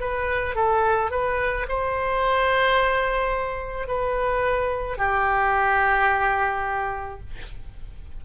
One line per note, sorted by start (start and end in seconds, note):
0.00 0.55 B4
0.55 1.11 A4
1.11 1.66 B4
1.68 3.87 C5
3.87 4.97 B4
4.97 7.20 G4